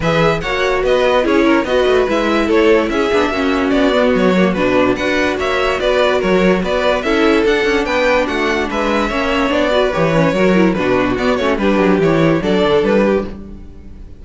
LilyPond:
<<
  \new Staff \with { instrumentName = "violin" } { \time 4/4 \tempo 4 = 145 e''4 fis''4 dis''4 cis''4 | dis''4 e''4 cis''4 e''4~ | e''4 d''4 cis''4 b'4 | fis''4 e''4 d''4 cis''4 |
d''4 e''4 fis''4 g''4 | fis''4 e''2 d''4 | cis''2 b'4 d''8 cis''8 | b'4 cis''4 d''4 b'4 | }
  \new Staff \with { instrumentName = "violin" } { \time 4/4 b'4 cis''4 b'4 gis'8 ais'8 | b'2 a'4 gis'4 | fis'1 | b'4 cis''4 b'4 ais'4 |
b'4 a'2 b'4 | fis'4 b'4 cis''4. b'8~ | b'4 ais'4 fis'2 | g'2 a'4. g'8 | }
  \new Staff \with { instrumentName = "viola" } { \time 4/4 gis'4 fis'2 e'4 | fis'4 e'2~ e'8 d'8 | cis'4. b4 ais8 d'4 | fis'1~ |
fis'4 e'4 d'2~ | d'2 cis'4 d'8 fis'8 | g'8 cis'8 fis'8 e'8 d'4 b8 cis'8 | d'4 e'4 d'2 | }
  \new Staff \with { instrumentName = "cello" } { \time 4/4 e4 ais4 b4 cis'4 | b8 a8 gis4 a4 cis'8 b8 | ais4 b4 fis4 b,4 | d'4 ais4 b4 fis4 |
b4 cis'4 d'8 cis'8 b4 | a4 gis4 ais4 b4 | e4 fis4 b,4 b8 a8 | g8 fis8 e4 fis8 d8 g4 | }
>>